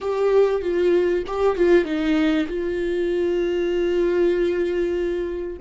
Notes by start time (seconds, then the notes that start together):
0.00 G4
0.61 F4
1.26 G4
1.56 F4
1.84 D#4
2.47 F4